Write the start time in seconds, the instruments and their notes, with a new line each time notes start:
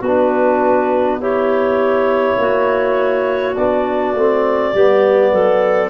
0.00 tuba B3, clarinet F#4 B4
0.07 trombone D4
1.21 trombone E4, clarinet G4 C#5
2.38 tuba A#3, clarinet F#4
3.55 tuba B3, trombone D4, clarinet D5
4.14 tuba A3, trombone C4
4.74 tuba G3, trombone B3, clarinet G4
5.32 tuba F#3, clarinet A4